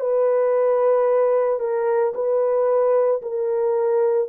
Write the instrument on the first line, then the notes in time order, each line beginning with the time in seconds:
horn
0.00 B4
1.60 A#4
2.14 B4
3.22 A#4